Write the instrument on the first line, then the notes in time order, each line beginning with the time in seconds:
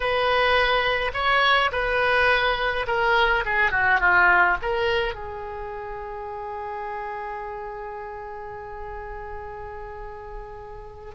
oboe
0.00 B4
1.13 C#5
1.72 B4
2.87 A#4
3.45 G#4
3.71 F#4
4.00 F4
4.62 A#4
5.14 G#4